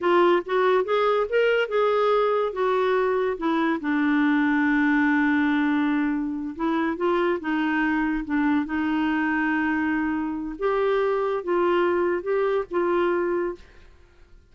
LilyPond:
\new Staff \with { instrumentName = "clarinet" } { \time 4/4 \tempo 4 = 142 f'4 fis'4 gis'4 ais'4 | gis'2 fis'2 | e'4 d'2.~ | d'2.~ d'8 e'8~ |
e'8 f'4 dis'2 d'8~ | d'8 dis'2.~ dis'8~ | dis'4 g'2 f'4~ | f'4 g'4 f'2 | }